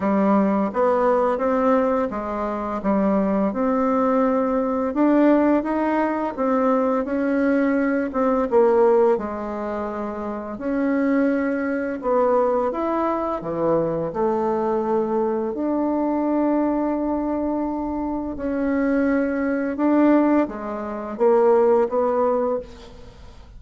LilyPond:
\new Staff \with { instrumentName = "bassoon" } { \time 4/4 \tempo 4 = 85 g4 b4 c'4 gis4 | g4 c'2 d'4 | dis'4 c'4 cis'4. c'8 | ais4 gis2 cis'4~ |
cis'4 b4 e'4 e4 | a2 d'2~ | d'2 cis'2 | d'4 gis4 ais4 b4 | }